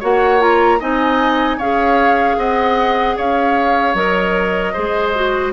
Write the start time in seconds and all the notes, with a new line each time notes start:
0.00 A#3 F#4 C#5 F#5
0.39 F4 A#5
0.80 C4 D#4 D#5 G#5
1.58 C#4 G#4 C#5 F5
2.37 C4 D#5 F#5
3.17 C#4 C#5 F5
3.94 F#3 A#4 D#5
4.73 G#3 G#4 C5
5.15 F#4